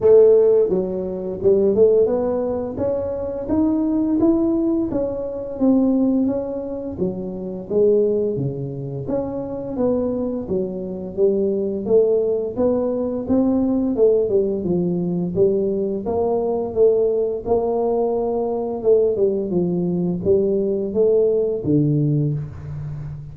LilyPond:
\new Staff \with { instrumentName = "tuba" } { \time 4/4 \tempo 4 = 86 a4 fis4 g8 a8 b4 | cis'4 dis'4 e'4 cis'4 | c'4 cis'4 fis4 gis4 | cis4 cis'4 b4 fis4 |
g4 a4 b4 c'4 | a8 g8 f4 g4 ais4 | a4 ais2 a8 g8 | f4 g4 a4 d4 | }